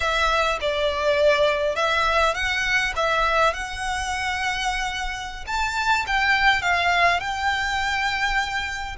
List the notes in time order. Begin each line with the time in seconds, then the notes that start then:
0.00 E5
0.60 D5
1.75 E5
2.34 F#5
2.95 E5
3.53 F#5
5.46 A5
6.06 G5
6.62 F5
7.20 G5